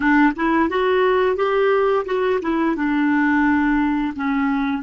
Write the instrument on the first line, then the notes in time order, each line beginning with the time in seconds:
clarinet
0.00 D4
0.36 E4
0.69 F#4
1.36 G4
2.05 F#4
2.41 E4
2.76 D4
4.15 C#4